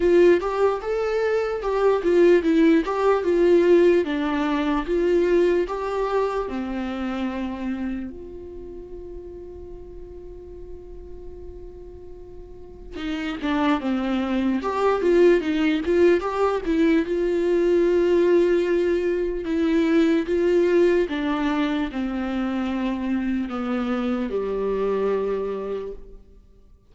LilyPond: \new Staff \with { instrumentName = "viola" } { \time 4/4 \tempo 4 = 74 f'8 g'8 a'4 g'8 f'8 e'8 g'8 | f'4 d'4 f'4 g'4 | c'2 f'2~ | f'1 |
dis'8 d'8 c'4 g'8 f'8 dis'8 f'8 | g'8 e'8 f'2. | e'4 f'4 d'4 c'4~ | c'4 b4 g2 | }